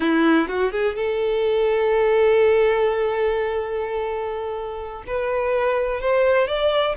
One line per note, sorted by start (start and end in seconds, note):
0.00 0.47 E4
0.47 0.71 F#4
0.71 0.95 G#4
0.95 5.03 A4
5.06 6.00 B4
6.00 6.47 C5
6.47 6.95 D5